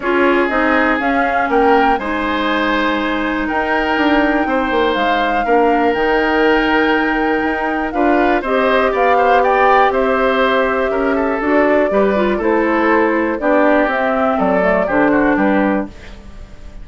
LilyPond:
<<
  \new Staff \with { instrumentName = "flute" } { \time 4/4 \tempo 4 = 121 cis''4 dis''4 f''4 g''4 | gis''2. g''4~ | g''2 f''2 | g''1 |
f''4 dis''4 f''4 g''4 | e''2. d''4~ | d''4 c''2 d''4 | e''4 d''4 c''4 b'4 | }
  \new Staff \with { instrumentName = "oboe" } { \time 4/4 gis'2. ais'4 | c''2. ais'4~ | ais'4 c''2 ais'4~ | ais'1 |
b'4 c''4 d''8 c''8 d''4 | c''2 ais'8 a'4. | b'4 a'2 g'4~ | g'4 a'4 g'8 fis'8 g'4 | }
  \new Staff \with { instrumentName = "clarinet" } { \time 4/4 f'4 dis'4 cis'2 | dis'1~ | dis'2. d'4 | dis'1 |
f'4 g'2.~ | g'2. fis'4 | g'8 f'8 e'2 d'4 | c'4. a8 d'2 | }
  \new Staff \with { instrumentName = "bassoon" } { \time 4/4 cis'4 c'4 cis'4 ais4 | gis2. dis'4 | d'4 c'8 ais8 gis4 ais4 | dis2. dis'4 |
d'4 c'4 b2 | c'2 cis'4 d'4 | g4 a2 b4 | c'4 fis4 d4 g4 | }
>>